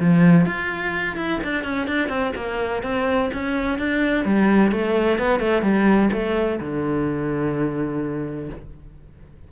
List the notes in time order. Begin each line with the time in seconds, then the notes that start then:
0.00 F3
0.46 F4
1.17 E4
1.43 D4
1.64 C#4
1.87 D4
2.09 C4
2.36 A#3
2.83 C4
3.33 C#4
3.79 D4
4.25 G3
4.72 A3
5.19 B3
5.40 A3
5.62 G3
6.13 A3
6.60 D3